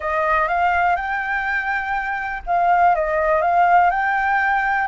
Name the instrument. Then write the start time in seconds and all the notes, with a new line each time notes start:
flute
0.00 D#5
0.47 F5
0.96 G5
2.46 F5
2.95 D#5
3.41 F5
3.90 G5